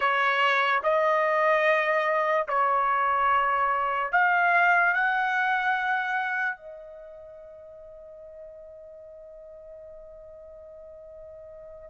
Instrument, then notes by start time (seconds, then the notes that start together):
trumpet
0.00 C#5
0.83 D#5
2.47 C#5
4.11 F5
4.94 F#5
6.56 D#5